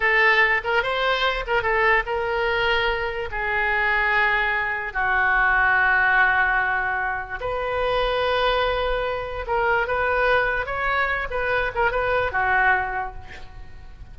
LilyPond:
\new Staff \with { instrumentName = "oboe" } { \time 4/4 \tempo 4 = 146 a'4. ais'8 c''4. ais'8 | a'4 ais'2. | gis'1 | fis'1~ |
fis'2 b'2~ | b'2. ais'4 | b'2 cis''4. b'8~ | b'8 ais'8 b'4 fis'2 | }